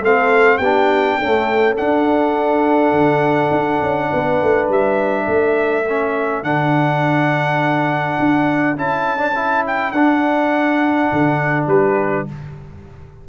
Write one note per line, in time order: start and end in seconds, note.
0.00 0.58 A3
0.00 0.62 C4
0.00 0.58 A4
0.00 0.57 F5
0.57 1.17 B3
0.57 1.17 G4
0.57 1.74 G5
0.64 1.22 D4
1.18 1.76 A3
1.18 1.78 C#4
1.18 4.10 A4
1.76 5.84 D4
1.76 2.92 D4
1.76 4.68 F#5
2.92 3.50 D3
3.51 3.80 D4
3.81 4.11 C#4
4.10 4.42 B3
4.10 5.24 B4
4.42 4.69 A3
4.69 5.27 G3
4.69 6.43 E5
5.24 6.43 A3
5.24 11.65 A4
5.88 6.44 C#4
6.43 8.18 D3
6.43 8.77 D4
6.43 8.76 F#5
8.19 8.76 D4
8.76 9.92 C#4
8.76 9.17 E4
8.76 9.65 A5
9.17 9.32 D4
9.35 9.93 E4
9.66 9.91 G5
9.91 11.09 D4
9.91 12.28 D4
9.91 11.66 F#5
11.12 11.67 D3
11.67 12.25 G3
11.67 12.26 G4
11.67 12.27 B4